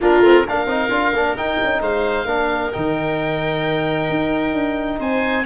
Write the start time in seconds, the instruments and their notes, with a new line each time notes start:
0.00 tuba A#3, trombone D4, viola F4, oboe A#4
0.19 tuba A3, trombone C4
0.44 tuba A#3, trombone D4, viola A#4, oboe F5
0.66 tuba C4, trombone D#4
0.90 tuba D4, trombone F4
1.12 tuba A#3, trombone D4
1.36 tuba D#4, trombone D#4, oboe G5
1.63 tuba C#4
1.81 tuba G#3, viola C5, oboe F5
2.25 tuba A#3, trombone D4, viola A#4
2.72 tuba D#3, trombone D#4, oboe G5
4.09 tuba D#4
4.53 tuba D4
4.99 tuba C4, viola C5, oboe G#5